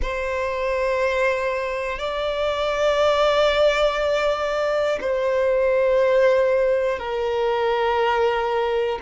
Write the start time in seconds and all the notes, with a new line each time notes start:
0.02 C5
1.99 D5
5.00 C5
6.98 A#4